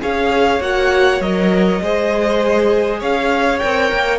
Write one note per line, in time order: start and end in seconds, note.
0.00 0.60 C#4
0.00 0.60 G#4
0.00 1.82 C#5
0.00 0.62 F5
0.60 1.20 A#3
0.60 1.22 F#4
0.60 1.21 F#5
1.20 1.80 F#3
1.20 1.82 A#4
1.20 3.01 D#5
1.81 3.01 G#3
1.81 3.60 G#4
1.81 3.00 C5
3.00 3.62 C#4
3.00 4.19 C#5
3.00 3.59 F5
3.59 3.92 C4
3.59 4.19 A#4
3.59 4.19 G5
3.92 4.19 A#3